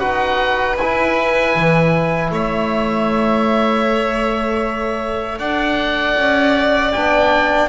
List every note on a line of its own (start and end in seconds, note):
0.00 0.78 D#4
0.00 0.78 F#4
0.00 2.31 B4
0.00 0.77 F#5
0.77 1.55 E4
0.77 3.88 E4
0.77 2.31 G#5
1.56 2.32 E3
2.32 5.39 A3
2.32 5.39 C#5
2.32 5.40 E5
3.88 6.93 A4
5.39 6.16 D4
5.39 7.70 D5
5.39 6.93 F#5
6.17 6.94 C#4
6.93 7.70 B3
6.93 7.70 D4
6.93 7.70 G5